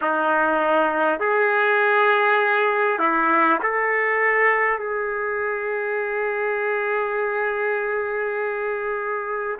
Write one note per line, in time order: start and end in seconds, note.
0.01 1.19 D#4
1.19 2.98 G#4
2.98 3.58 E4
3.63 4.78 A4
4.78 9.58 G#4